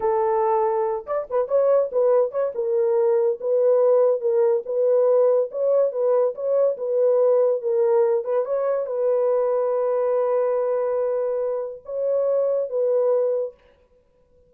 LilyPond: \new Staff \with { instrumentName = "horn" } { \time 4/4 \tempo 4 = 142 a'2~ a'8 d''8 b'8 cis''8~ | cis''8 b'4 cis''8 ais'2 | b'2 ais'4 b'4~ | b'4 cis''4 b'4 cis''4 |
b'2 ais'4. b'8 | cis''4 b'2.~ | b'1 | cis''2 b'2 | }